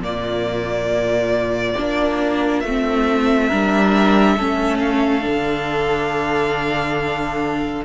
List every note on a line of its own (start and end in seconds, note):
0.00 1.74 A#2
0.00 1.77 A#3
0.00 3.48 F4
0.00 2.60 D5
1.77 2.64 A#3
1.77 2.64 D4
2.60 3.51 A3
2.60 4.78 E5
2.68 3.51 C4
3.48 4.38 G3
3.48 4.38 D4
3.48 4.35 A#4
4.37 5.25 A3
4.37 5.21 C#4
4.37 7.85 A4
4.80 7.84 F5
5.21 7.82 D4
5.28 7.85 D3